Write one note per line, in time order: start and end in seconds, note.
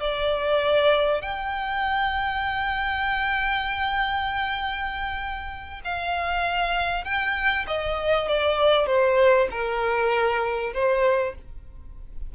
0.00 1.22 D5
1.22 5.81 G5
5.84 7.04 F5
7.04 7.65 G5
7.67 8.28 D#5
8.28 8.86 D5
8.86 9.48 C5
9.51 10.73 A#4
10.74 11.35 C5